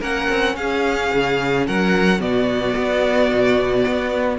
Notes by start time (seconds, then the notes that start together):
0.00 A#3 C#4 A#4 F#5
0.30 C4
0.56 C#4 G#4 F5
1.14 C#3
1.67 F#3 A#4 F#5
2.20 B2 B3 F#4 D5
2.77 B3
3.32 B2
3.87 B3